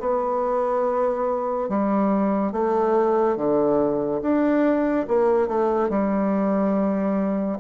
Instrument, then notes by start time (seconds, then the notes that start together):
bassoon
0.00 B3
1.69 G3
2.52 A3
3.37 D3
4.22 D4
5.08 A#3
5.48 A3
5.90 G3